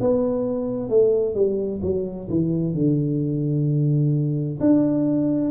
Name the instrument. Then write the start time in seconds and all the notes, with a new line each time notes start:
tuba
0.00 B3
0.89 A3
1.34 G3
1.82 F#3
2.30 E3
2.74 D3
4.60 D4